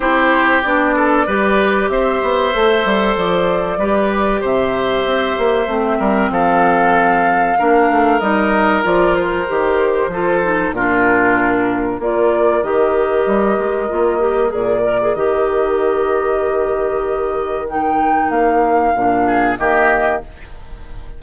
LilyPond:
<<
  \new Staff \with { instrumentName = "flute" } { \time 4/4 \tempo 4 = 95 c''4 d''2 e''4~ | e''4 d''2 e''4~ | e''2 f''2~ | f''4 dis''4 d''8 c''4.~ |
c''4 ais'2 d''4 | dis''2. d''4 | dis''1 | g''4 f''2 dis''4 | }
  \new Staff \with { instrumentName = "oboe" } { \time 4/4 g'4. a'8 b'4 c''4~ | c''2 b'4 c''4~ | c''4. ais'8 a'2 | ais'1 |
a'4 f'2 ais'4~ | ais'1~ | ais'1~ | ais'2~ ais'8 gis'8 g'4 | }
  \new Staff \with { instrumentName = "clarinet" } { \time 4/4 e'4 d'4 g'2 | a'2 g'2~ | g'4 c'2. | d'4 dis'4 f'4 g'4 |
f'8 dis'8 d'2 f'4 | g'2 f'8 g'8 gis'8 ais'16 gis'16 | g'1 | dis'2 d'4 ais4 | }
  \new Staff \with { instrumentName = "bassoon" } { \time 4/4 c'4 b4 g4 c'8 b8 | a8 g8 f4 g4 c4 | c'8 ais8 a8 g8 f2 | ais8 a8 g4 f4 dis4 |
f4 ais,2 ais4 | dis4 g8 gis8 ais4 ais,4 | dis1~ | dis4 ais4 ais,4 dis4 | }
>>